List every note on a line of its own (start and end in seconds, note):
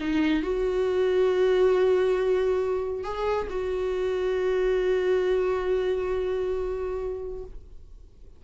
0.00 0.43 D#4
0.43 3.04 F#4
3.04 3.47 G#4
3.50 7.44 F#4